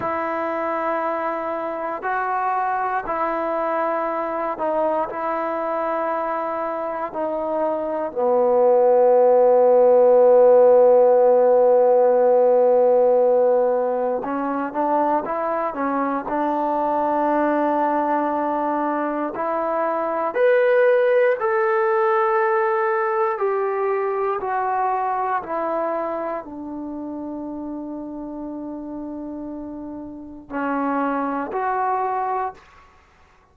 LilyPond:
\new Staff \with { instrumentName = "trombone" } { \time 4/4 \tempo 4 = 59 e'2 fis'4 e'4~ | e'8 dis'8 e'2 dis'4 | b1~ | b2 cis'8 d'8 e'8 cis'8 |
d'2. e'4 | b'4 a'2 g'4 | fis'4 e'4 d'2~ | d'2 cis'4 fis'4 | }